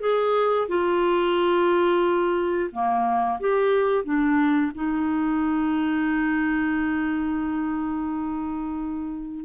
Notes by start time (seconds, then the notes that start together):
0.00 G#4
0.68 F4
2.72 A#3
3.40 G4
4.04 D4
4.74 D#4